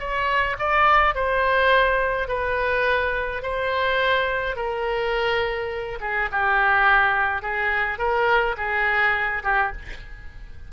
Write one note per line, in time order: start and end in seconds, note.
0.00 0.57 C#5
0.59 1.15 D5
1.15 2.29 C5
2.29 3.43 B4
3.43 4.56 C5
4.56 5.99 A#4
6.01 6.30 G#4
6.32 7.43 G4
7.43 7.99 G#4
7.99 8.56 A#4
8.58 9.43 G#4
9.44 9.72 G4